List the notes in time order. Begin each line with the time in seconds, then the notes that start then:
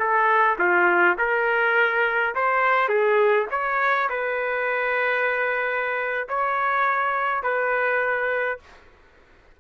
0.00 A4
0.59 F4
1.19 A#4
2.35 C5
2.89 G#4
3.51 C#5
4.10 B4
6.29 C#5
7.44 B4